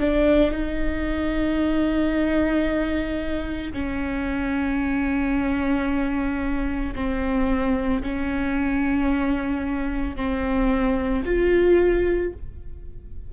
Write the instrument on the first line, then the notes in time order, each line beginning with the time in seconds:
viola
0.00 D4
0.51 D#4
3.73 C#4
6.95 C4
8.03 C#4
10.16 C4
11.25 F4